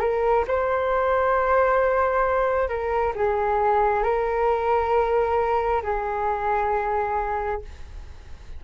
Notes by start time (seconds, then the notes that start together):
0.00 A#4
0.47 C5
2.69 A#4
3.15 G#4
4.03 A#4
5.83 G#4